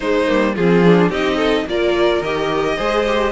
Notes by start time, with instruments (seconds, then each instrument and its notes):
0.00 cello G#3, viola G#3, violin D#4 C5
0.27 cello G3, viola A#3
0.55 cello F3, viola C4, violin F4 G#4
0.84 viola D4
1.09 cello C4, viola D#4, violin G4 D#5
1.36 violin A4
1.66 cello A#3, viola F4, violin A#4 D5
2.21 cello D#3, viola G4, violin D#5
2.76 cello G#3, viola G#4, violin C5
3.06 viola G4